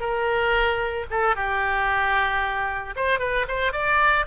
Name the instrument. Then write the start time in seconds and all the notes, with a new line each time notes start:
oboe
0.00 A#4
1.10 A4
1.36 G4
2.96 C5
3.19 B4
3.48 C5
3.72 D5